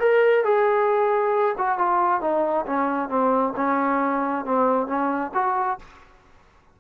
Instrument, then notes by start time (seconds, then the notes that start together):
trombone
0.00 A#4
0.45 G#4
1.58 F#4
1.79 F4
2.21 D#4
2.66 C#4
3.09 C4
3.57 C#4
4.45 C4
4.87 C#4
5.34 F#4